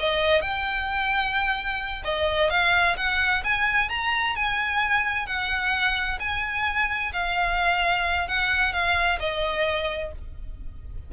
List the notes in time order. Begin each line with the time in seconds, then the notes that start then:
0.00 D#5
0.42 G5
2.05 D#5
2.50 F5
2.97 F#5
3.44 G#5
3.90 A#5
4.36 G#5
5.27 F#5
6.20 G#5
7.13 F5
8.28 F#5
8.73 F5
9.20 D#5